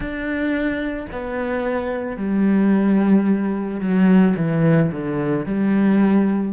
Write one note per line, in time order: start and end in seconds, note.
0.00 1.06 D4
1.11 2.16 B3
2.16 3.80 G3
3.80 4.34 F#3
4.36 4.91 E3
4.91 5.45 D3
5.45 6.53 G3